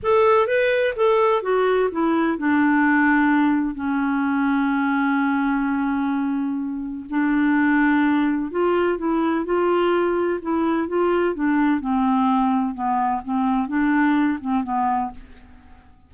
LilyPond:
\new Staff \with { instrumentName = "clarinet" } { \time 4/4 \tempo 4 = 127 a'4 b'4 a'4 fis'4 | e'4 d'2. | cis'1~ | cis'2. d'4~ |
d'2 f'4 e'4 | f'2 e'4 f'4 | d'4 c'2 b4 | c'4 d'4. c'8 b4 | }